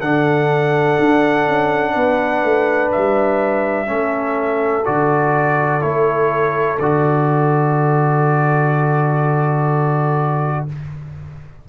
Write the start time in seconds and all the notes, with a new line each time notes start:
0.00 D3 D4 A4 F#5
0.99 D4
1.47 C#4
1.93 B3 B4
2.43 A3
2.92 G3 E5
3.86 A3 C#4 A4
4.85 D3 F#4 D5
5.81 A3 E4 C#5
6.78 D3 F#4 D5